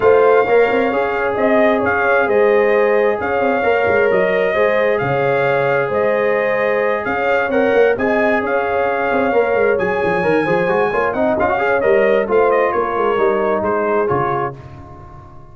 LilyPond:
<<
  \new Staff \with { instrumentName = "trumpet" } { \time 4/4 \tempo 4 = 132 f''2. dis''4 | f''4 dis''2 f''4~ | f''4 dis''2 f''4~ | f''4 dis''2~ dis''8 f''8~ |
f''8 fis''4 gis''4 f''4.~ | f''4. gis''2~ gis''8~ | gis''8 fis''8 f''4 dis''4 f''8 dis''8 | cis''2 c''4 cis''4 | }
  \new Staff \with { instrumentName = "horn" } { \time 4/4 c''4 cis''2 dis''4 | cis''4 c''2 cis''4~ | cis''2 c''4 cis''4~ | cis''4 c''2~ c''8 cis''8~ |
cis''4. dis''4 cis''4.~ | cis''2. c''4 | cis''8 dis''4 cis''4. c''4 | ais'2 gis'2 | }
  \new Staff \with { instrumentName = "trombone" } { \time 4/4 f'4 ais'4 gis'2~ | gis'1 | ais'2 gis'2~ | gis'1~ |
gis'8 ais'4 gis'2~ gis'8~ | gis'8 ais'4 gis'4 ais'8 gis'8 fis'8 | f'8 dis'8 f'16 fis'16 gis'8 ais'4 f'4~ | f'4 dis'2 f'4 | }
  \new Staff \with { instrumentName = "tuba" } { \time 4/4 a4 ais8 c'8 cis'4 c'4 | cis'4 gis2 cis'8 c'8 | ais8 gis8 fis4 gis4 cis4~ | cis4 gis2~ gis8 cis'8~ |
cis'8 c'8 ais8 c'4 cis'4. | c'8 ais8 gis8 fis8 f8 dis8 f8 gis8 | ais8 c'8 cis'4 g4 a4 | ais8 gis8 g4 gis4 cis4 | }
>>